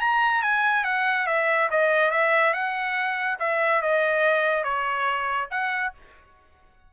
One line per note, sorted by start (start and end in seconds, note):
0.00 0.42 A#5
0.42 0.84 G#5
0.84 1.26 F#5
1.27 1.69 E5
1.71 2.11 D#5
2.11 2.53 E5
2.53 3.38 F#5
3.39 3.82 E5
3.82 4.63 D#5
4.63 5.48 C#5
5.50 5.93 F#5